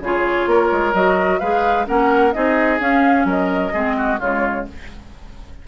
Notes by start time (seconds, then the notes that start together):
0.00 C#3 F4 G#4 C#5
0.46 A#3 A#4
0.72 G#3
0.93 F#3 F#4 D#5
1.39 G#3 G#4 B4 F5
1.86 A#3 C#4 A#4 F#5
2.33 C4 D#4 G#4 D#5
2.79 C#4 F5
3.24 F#3 A#4 D#5
3.72 G#3 C4 G#4
3.97 F#4
4.19 C#3 G#3 F4 C#5